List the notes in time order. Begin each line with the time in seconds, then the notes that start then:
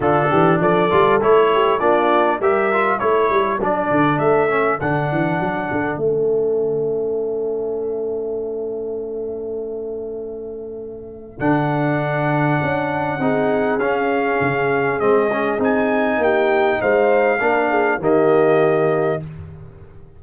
0.00 D3 D4 F4 A4
0.30 E3 G4
0.60 F3 A4 D5
0.90 G3 F4
1.21 A3 E4 C#5
1.53 G4
1.79 A#3 D4 F4 D5
2.39 G3 G4 A#4 E5
2.72 F4
2.99 A3 E4 A4 C#5
3.30 G3
3.59 F#3 D4 D5
3.90 D3
4.18 A3 E5
4.48 C#4
4.80 D3 D4 F#5
5.11 E3
5.40 F#3
5.71 D3
5.97 A3 C#4 E5
11.39 D3 D4 F#5
12.62 C#4
13.19 C4 D#4 G#4
13.79 C#4 F5
14.40 C#3
14.99 G#3 C4 D#5
15.31 C#4
15.58 C4 D#4 G#5
16.17 A#3 G4 G5
16.80 G#3 C5 F5
17.40 A#3 D4 A#4
17.70 G#4
17.98 D#3 A#3 G4 D#5